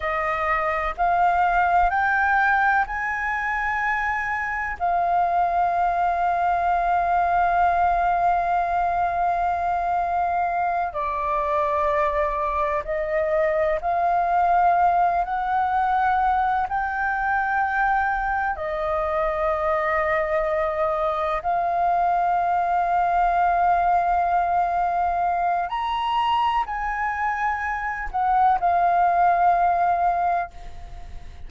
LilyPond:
\new Staff \with { instrumentName = "flute" } { \time 4/4 \tempo 4 = 63 dis''4 f''4 g''4 gis''4~ | gis''4 f''2.~ | f''2.~ f''8 d''8~ | d''4. dis''4 f''4. |
fis''4. g''2 dis''8~ | dis''2~ dis''8 f''4.~ | f''2. ais''4 | gis''4. fis''8 f''2 | }